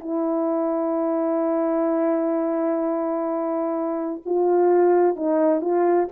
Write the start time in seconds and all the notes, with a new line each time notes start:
0.00 E4
4.26 F4
5.16 D#4
5.61 F4